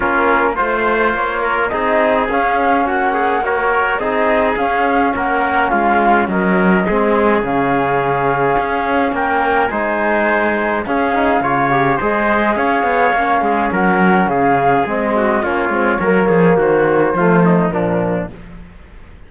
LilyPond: <<
  \new Staff \with { instrumentName = "flute" } { \time 4/4 \tempo 4 = 105 ais'4 c''4 cis''4 dis''4 | f''4 fis''4 cis''4 dis''4 | f''4 fis''4 f''4 dis''4~ | dis''4 f''2. |
g''4 gis''2 f''4~ | f''4 dis''4 f''2 | fis''4 f''4 dis''4 cis''4~ | cis''4 c''2 ais'4 | }
  \new Staff \with { instrumentName = "trumpet" } { \time 4/4 f'4 c''4. ais'8 gis'4~ | gis'4 fis'8 gis'8 ais'4 gis'4~ | gis'4 ais'4 f'4 ais'4 | gis'1 |
ais'4 c''2 gis'4 | cis''4 c''4 cis''4. gis'8 | ais'4 gis'4. fis'8 f'4 | ais'8 gis'8 fis'4 f'8 dis'8 d'4 | }
  \new Staff \with { instrumentName = "trombone" } { \time 4/4 cis'4 f'2 dis'4 | cis'2 fis'4 dis'4 | cis'1 | c'4 cis'2.~ |
cis'4 dis'2 cis'8 dis'8 | f'8 g'8 gis'2 cis'4~ | cis'2 c'4 cis'8 c'8 | ais2 a4 f4 | }
  \new Staff \with { instrumentName = "cello" } { \time 4/4 ais4 a4 ais4 c'4 | cis'4 ais2 c'4 | cis'4 ais4 gis4 fis4 | gis4 cis2 cis'4 |
ais4 gis2 cis'4 | cis4 gis4 cis'8 b8 ais8 gis8 | fis4 cis4 gis4 ais8 gis8 | fis8 f8 dis4 f4 ais,4 | }
>>